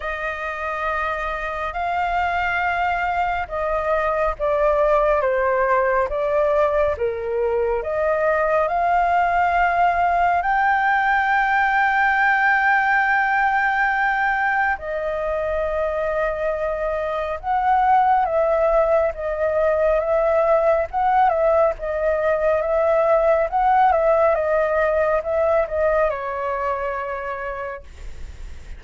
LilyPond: \new Staff \with { instrumentName = "flute" } { \time 4/4 \tempo 4 = 69 dis''2 f''2 | dis''4 d''4 c''4 d''4 | ais'4 dis''4 f''2 | g''1~ |
g''4 dis''2. | fis''4 e''4 dis''4 e''4 | fis''8 e''8 dis''4 e''4 fis''8 e''8 | dis''4 e''8 dis''8 cis''2 | }